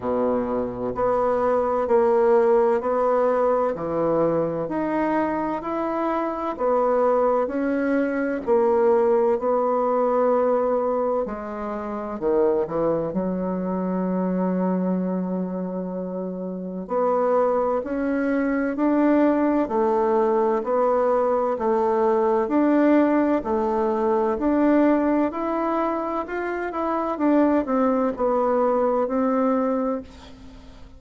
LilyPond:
\new Staff \with { instrumentName = "bassoon" } { \time 4/4 \tempo 4 = 64 b,4 b4 ais4 b4 | e4 dis'4 e'4 b4 | cis'4 ais4 b2 | gis4 dis8 e8 fis2~ |
fis2 b4 cis'4 | d'4 a4 b4 a4 | d'4 a4 d'4 e'4 | f'8 e'8 d'8 c'8 b4 c'4 | }